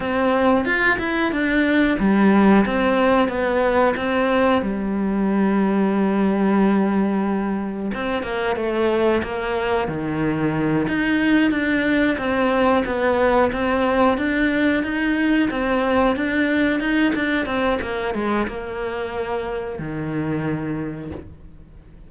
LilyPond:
\new Staff \with { instrumentName = "cello" } { \time 4/4 \tempo 4 = 91 c'4 f'8 e'8 d'4 g4 | c'4 b4 c'4 g4~ | g1 | c'8 ais8 a4 ais4 dis4~ |
dis8 dis'4 d'4 c'4 b8~ | b8 c'4 d'4 dis'4 c'8~ | c'8 d'4 dis'8 d'8 c'8 ais8 gis8 | ais2 dis2 | }